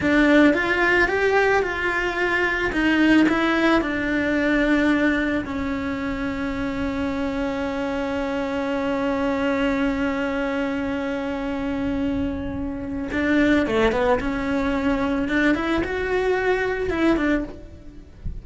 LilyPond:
\new Staff \with { instrumentName = "cello" } { \time 4/4 \tempo 4 = 110 d'4 f'4 g'4 f'4~ | f'4 dis'4 e'4 d'4~ | d'2 cis'2~ | cis'1~ |
cis'1~ | cis'1 | d'4 a8 b8 cis'2 | d'8 e'8 fis'2 e'8 d'8 | }